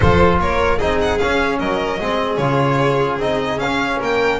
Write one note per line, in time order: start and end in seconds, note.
0.00 0.39 F3
0.00 0.79 F4
0.00 0.39 A4
0.00 0.39 C5
0.39 0.79 A#3
0.39 0.78 A#4
0.39 0.79 C#5
0.78 1.20 C4
0.78 1.19 D#4
0.78 1.58 G#4
0.78 0.99 D#5
1.00 1.18 F#5
1.18 2.00 C#4
1.18 1.59 C#4
1.18 1.58 F5
1.59 1.99 F#3
1.59 1.99 A#4
1.59 2.36 D#5
1.99 2.38 G#3
1.99 2.40 C4
1.99 3.98 G#4
2.36 3.18 C#3
2.36 3.20 F4
2.36 3.16 C#5
3.18 3.57 C4
3.18 3.60 D#4
3.18 3.59 D#5
3.57 3.97 C#4
3.57 3.99 F5
3.63 4.40 C#4
3.98 4.40 A#3
3.98 4.38 A#4
3.98 4.40 G5